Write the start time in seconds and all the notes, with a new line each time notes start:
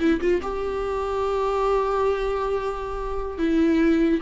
0.00 E4
0.21 F4
0.43 G4
3.38 E4